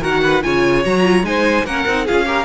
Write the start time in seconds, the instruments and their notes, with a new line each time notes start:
0.00 cello D#3, viola F#4, violin A#4 F#5
0.23 violin B4
0.43 cello C#3, viola F4, violin C#5 G#5
0.84 cello F#3, viola F#4, violin A#5
1.03 viola F4
1.22 cello G#3, viola D#4, violin C5 G#5
1.64 cello A#3, viola C#4, violin A#4 F#5
1.86 cello C4, viola D#4
2.05 cello C#4, viola F4, violin G#4 F5
2.25 viola G4, violin A#4